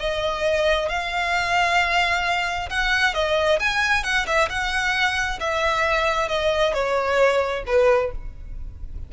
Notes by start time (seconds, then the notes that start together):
0.00 D#5
0.89 F5
2.70 F#5
3.15 D#5
3.60 G#5
4.04 F#5
4.27 E5
4.49 F#5
5.41 E5
6.29 D#5
6.74 C#5
7.67 B4